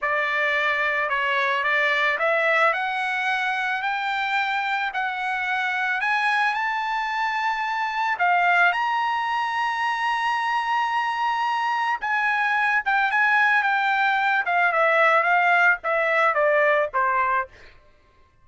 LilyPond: \new Staff \with { instrumentName = "trumpet" } { \time 4/4 \tempo 4 = 110 d''2 cis''4 d''4 | e''4 fis''2 g''4~ | g''4 fis''2 gis''4 | a''2. f''4 |
ais''1~ | ais''2 gis''4. g''8 | gis''4 g''4. f''8 e''4 | f''4 e''4 d''4 c''4 | }